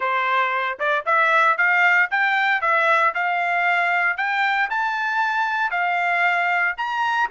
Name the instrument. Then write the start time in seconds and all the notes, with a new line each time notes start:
trumpet
0.00 C5
0.79 D5
1.05 E5
1.57 F5
2.10 G5
2.61 E5
3.14 F5
4.17 G5
4.70 A5
5.70 F5
6.77 A#5